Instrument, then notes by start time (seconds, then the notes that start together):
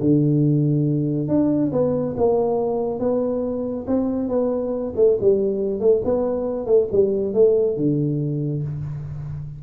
tuba
0.00 D3
1.28 D4
1.72 B3
2.17 A#3
2.99 B3
3.87 C4
4.29 B3
4.96 A3
5.20 G3
5.80 A3
6.05 B3
6.66 A3
6.92 G3
7.34 A3
7.76 D3